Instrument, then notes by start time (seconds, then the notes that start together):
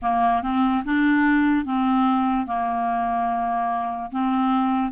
clarinet
0.02 A#3
0.42 C4
0.84 D4
1.65 C4
2.46 A#3
4.11 C4